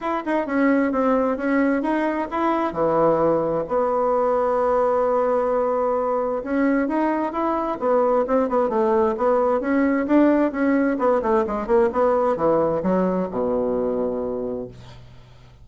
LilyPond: \new Staff \with { instrumentName = "bassoon" } { \time 4/4 \tempo 4 = 131 e'8 dis'8 cis'4 c'4 cis'4 | dis'4 e'4 e2 | b1~ | b2 cis'4 dis'4 |
e'4 b4 c'8 b8 a4 | b4 cis'4 d'4 cis'4 | b8 a8 gis8 ais8 b4 e4 | fis4 b,2. | }